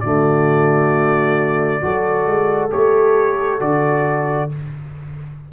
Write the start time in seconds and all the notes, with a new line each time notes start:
0.00 D3 A3 F#4 D5
1.81 F#3 F#4 A4
2.26 G#3
2.70 A3 G4 C#5
3.60 D3 F#4 D5